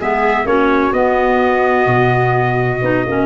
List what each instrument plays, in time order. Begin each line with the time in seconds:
0.00 tuba G#3, clarinet B3, viola G#4, trumpet E5
0.46 tuba A#3, clarinet C#4, viola F#4, trumpet C#5
0.93 tuba B3, clarinet B3, trumpet D#5
1.87 tuba B2
2.82 tuba B3, clarinet D#4
3.07 tuba A#3, clarinet C#4